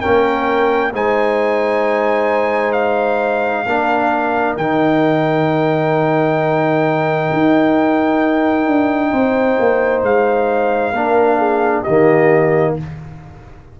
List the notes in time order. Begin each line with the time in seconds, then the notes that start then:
0.00 C#4 A#4 G5
0.06 A#3
0.93 G#3 D#4 C5 G#5
2.72 F5
3.66 A#3 D4 A#4
4.57 D#3 D#4 G5
7.32 D#4
8.66 D4
9.12 C4 C5
9.59 A#3
10.02 G#3 F5
10.92 A#3 D4 A#4
11.38 G#4
11.82 D#3 G4 D#5
11.89 A#3